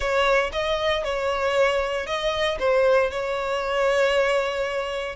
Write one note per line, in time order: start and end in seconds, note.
0.00 0.50 C#5
0.52 1.03 D#5
1.04 2.06 C#5
2.06 2.58 D#5
2.59 3.10 C5
3.10 5.16 C#5